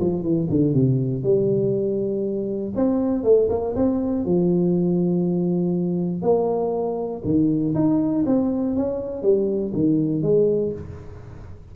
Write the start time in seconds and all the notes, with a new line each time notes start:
0.00 F3
0.22 E3
0.50 D3
0.74 C3
1.23 G3
2.76 C4
3.24 A3
3.50 A#3
3.76 C4
4.25 F3
6.22 A#3
7.25 D#3
7.75 D#4
8.26 C4
8.76 C#4
9.23 G3
9.74 D#3
10.22 G#3